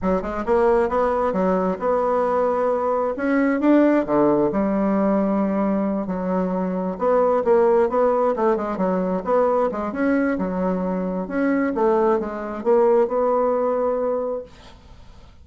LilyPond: \new Staff \with { instrumentName = "bassoon" } { \time 4/4 \tempo 4 = 133 fis8 gis8 ais4 b4 fis4 | b2. cis'4 | d'4 d4 g2~ | g4. fis2 b8~ |
b8 ais4 b4 a8 gis8 fis8~ | fis8 b4 gis8 cis'4 fis4~ | fis4 cis'4 a4 gis4 | ais4 b2. | }